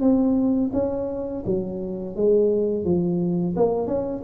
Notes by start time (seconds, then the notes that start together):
0.00 C4
0.73 C#4
1.46 F#3
2.16 G#3
2.85 F3
3.56 A#3
3.87 C#4